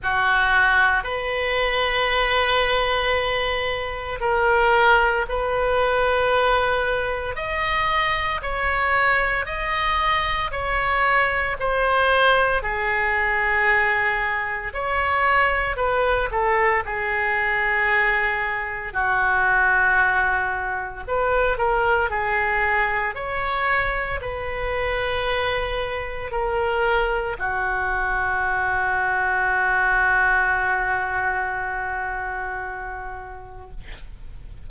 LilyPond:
\new Staff \with { instrumentName = "oboe" } { \time 4/4 \tempo 4 = 57 fis'4 b'2. | ais'4 b'2 dis''4 | cis''4 dis''4 cis''4 c''4 | gis'2 cis''4 b'8 a'8 |
gis'2 fis'2 | b'8 ais'8 gis'4 cis''4 b'4~ | b'4 ais'4 fis'2~ | fis'1 | }